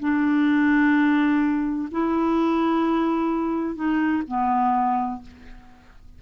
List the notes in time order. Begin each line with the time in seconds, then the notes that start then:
0.00 D4
1.92 E4
3.76 D#4
4.28 B3